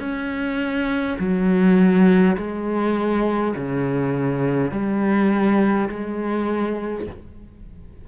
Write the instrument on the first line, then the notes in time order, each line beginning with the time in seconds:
cello
0.00 C#4
1.19 F#3
2.37 G#3
3.57 C#3
4.72 G3
5.90 G#3